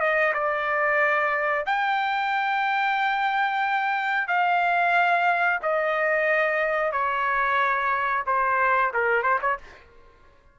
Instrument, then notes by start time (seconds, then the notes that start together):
trumpet
0.00 D#5
0.34 D5
1.66 G5
4.28 F5
5.63 D#5
6.92 C#5
8.26 C5
8.94 A#4
9.23 C5
9.42 C#5